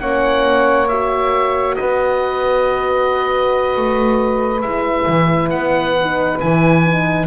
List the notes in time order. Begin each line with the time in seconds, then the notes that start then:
0.00 A#3 C#4 C#5 F#5
0.88 F#4 E5
1.76 B3 B4 D#5
3.77 A3
4.61 G#3 E4 E5
5.08 E3
5.50 B3 F#5
6.01 D#4
6.40 E3 E4 G#5
6.85 D#4